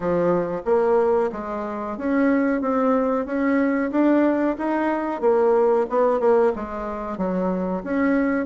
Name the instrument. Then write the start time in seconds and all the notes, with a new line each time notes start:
bassoon
0.00 F3
0.65 A#3
1.32 G#3
1.97 C#4
2.61 C4
3.25 C#4
3.91 D4
4.58 D#4
5.20 A#3
5.89 B3
6.20 A#3
6.55 G#3
7.17 F#3
7.83 C#4